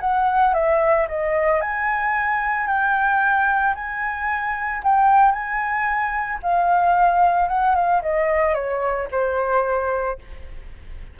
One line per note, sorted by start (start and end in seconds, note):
0.00 0.54 F#5
0.54 1.07 E5
1.08 1.61 D#5
1.61 2.67 G#5
2.67 3.74 G5
3.75 4.82 G#5
4.83 5.32 G5
5.32 6.39 G#5
6.43 7.48 F5
7.48 7.75 F#5
7.75 8.02 F5
8.02 8.54 D#5
8.54 9.08 C#5
9.11 10.19 C5